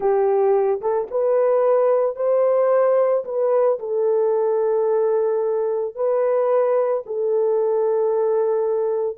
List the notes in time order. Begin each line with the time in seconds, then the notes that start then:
0.00 G4
0.81 A4
1.10 B4
2.16 C5
3.24 B4
3.79 A4
5.95 B4
7.05 A4